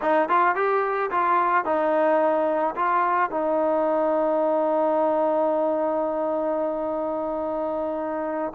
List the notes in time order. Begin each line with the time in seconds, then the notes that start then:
0.01 D#4
0.29 F4
0.55 G4
1.10 F4
1.64 D#4
2.75 F4
3.30 D#4